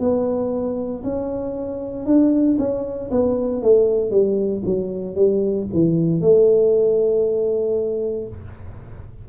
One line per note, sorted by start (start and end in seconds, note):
0.00 1.03 B3
1.04 2.06 C#4
2.06 2.58 D4
2.59 3.11 C#4
3.11 3.63 B3
3.63 4.11 A3
4.11 4.63 G3
4.66 5.15 F#3
5.15 5.67 G3
5.73 6.21 E3
6.21 8.28 A3